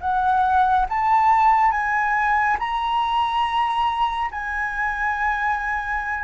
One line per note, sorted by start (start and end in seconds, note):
0.00 0.86 F#5
0.89 1.71 A5
1.71 2.57 G#5
2.59 4.31 A#5
4.31 6.23 G#5